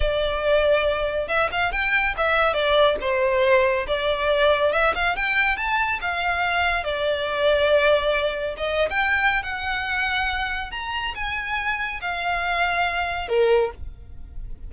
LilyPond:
\new Staff \with { instrumentName = "violin" } { \time 4/4 \tempo 4 = 140 d''2. e''8 f''8 | g''4 e''4 d''4 c''4~ | c''4 d''2 e''8 f''8 | g''4 a''4 f''2 |
d''1 | dis''8. g''4~ g''16 fis''2~ | fis''4 ais''4 gis''2 | f''2. ais'4 | }